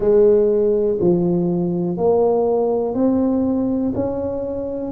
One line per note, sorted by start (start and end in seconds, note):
0.00 0.98 G#3
1.00 1.97 F3
1.97 2.94 A#3
2.94 3.93 C4
3.94 4.92 C#4